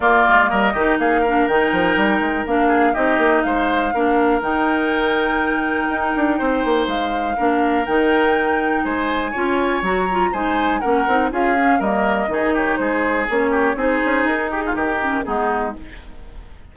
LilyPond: <<
  \new Staff \with { instrumentName = "flute" } { \time 4/4 \tempo 4 = 122 d''4 dis''4 f''4 g''4~ | g''4 f''4 dis''4 f''4~ | f''4 g''2.~ | g''2 f''2 |
g''2 gis''2 | ais''4 gis''4 fis''4 f''4 | dis''4. cis''8 c''4 cis''4 | c''4 ais'8 gis'8 ais'4 gis'4 | }
  \new Staff \with { instrumentName = "oboe" } { \time 4/4 f'4 ais'8 g'8 gis'8 ais'4.~ | ais'4. gis'8 g'4 c''4 | ais'1~ | ais'4 c''2 ais'4~ |
ais'2 c''4 cis''4~ | cis''4 c''4 ais'4 gis'4 | ais'4 gis'8 g'8 gis'4. g'8 | gis'4. g'16 f'16 g'4 dis'4 | }
  \new Staff \with { instrumentName = "clarinet" } { \time 4/4 ais4. dis'4 d'8 dis'4~ | dis'4 d'4 dis'2 | d'4 dis'2.~ | dis'2. d'4 |
dis'2. f'4 | fis'8 f'8 dis'4 cis'8 dis'8 f'8 cis'8 | ais4 dis'2 cis'4 | dis'2~ dis'8 cis'8 b4 | }
  \new Staff \with { instrumentName = "bassoon" } { \time 4/4 ais8 gis8 g8 dis8 ais4 dis8 f8 | g8 gis8 ais4 c'8 ais8 gis4 | ais4 dis2. | dis'8 d'8 c'8 ais8 gis4 ais4 |
dis2 gis4 cis'4 | fis4 gis4 ais8 c'8 cis'4 | g4 dis4 gis4 ais4 | c'8 cis'8 dis'4 dis4 gis4 | }
>>